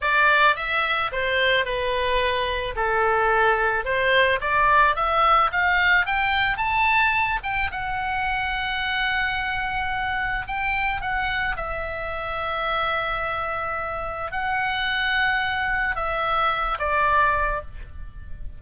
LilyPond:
\new Staff \with { instrumentName = "oboe" } { \time 4/4 \tempo 4 = 109 d''4 e''4 c''4 b'4~ | b'4 a'2 c''4 | d''4 e''4 f''4 g''4 | a''4. g''8 fis''2~ |
fis''2. g''4 | fis''4 e''2.~ | e''2 fis''2~ | fis''4 e''4. d''4. | }